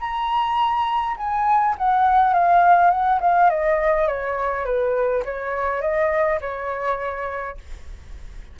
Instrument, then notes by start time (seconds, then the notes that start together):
flute
0.00 A#5
1.17 G#5
1.78 F#5
2.34 F5
2.91 F#5
3.21 F5
3.50 D#5
4.07 C#5
4.65 B4
5.25 C#5
5.81 D#5
6.41 C#5